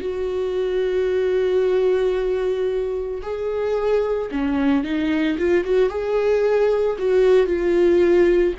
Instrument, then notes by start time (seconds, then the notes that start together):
viola
0.00 F#4
3.22 G#4
4.31 C#4
4.83 D#4
5.38 F4
5.63 F#4
5.89 G#4
6.98 F#4
7.46 F4